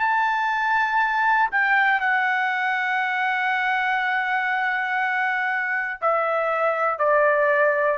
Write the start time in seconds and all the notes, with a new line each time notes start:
0.00 A5
1.51 G5
2.00 F#5
6.01 E5
6.99 D5